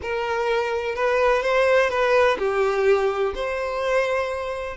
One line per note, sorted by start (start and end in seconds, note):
0.02 0.95 A#4
0.95 1.42 B4
1.42 1.89 C5
1.89 2.37 B4
2.38 3.33 G4
3.34 4.77 C5